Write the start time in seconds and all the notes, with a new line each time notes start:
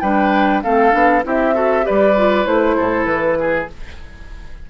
0.00 G3 D4 B4 G5
0.62 A3 C4 A4 F5
0.91 B3 D4
1.24 C4 E4 G4 E5
1.54 F#4 A4
1.82 G4 B4 D5
1.89 G3
2.17 F4
2.45 A3 E4 C5
2.77 A2 A4
3.05 E3 B4
3.39 G#4